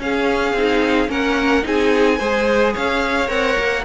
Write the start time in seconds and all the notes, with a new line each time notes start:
0.00 C#4 G#4 F5
0.54 C4 D#4
1.08 A#3 C#4 A#4 F#5
1.63 C4 D#4 G#4 G#5
2.19 G#3 G#4 C5
2.74 C#4 C#5 F5
3.28 C4 A#4 F#5
3.59 A#3